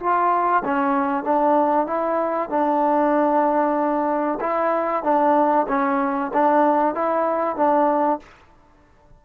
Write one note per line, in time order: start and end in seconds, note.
0.00 0.63 F4
0.65 1.24 C#4
1.24 1.87 D4
1.87 2.50 E4
2.50 4.39 D4
4.40 5.04 E4
5.04 5.67 D4
5.69 6.32 C#4
6.34 6.95 D4
6.95 7.56 E4
7.56 8.20 D4